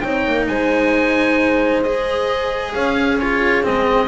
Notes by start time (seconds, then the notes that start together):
0.00 C4 D#4 C#5 G5
0.26 A#3
0.47 G#3 C5 G#5
1.83 G#4 D#5
2.73 C#4 C#5 F5
3.19 F4 G#4 C#5
3.63 G#3 C4 D#5